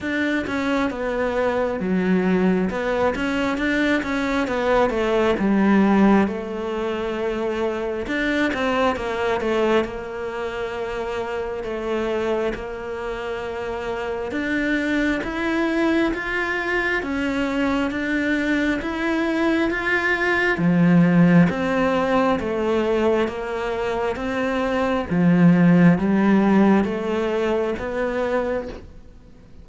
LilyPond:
\new Staff \with { instrumentName = "cello" } { \time 4/4 \tempo 4 = 67 d'8 cis'8 b4 fis4 b8 cis'8 | d'8 cis'8 b8 a8 g4 a4~ | a4 d'8 c'8 ais8 a8 ais4~ | ais4 a4 ais2 |
d'4 e'4 f'4 cis'4 | d'4 e'4 f'4 f4 | c'4 a4 ais4 c'4 | f4 g4 a4 b4 | }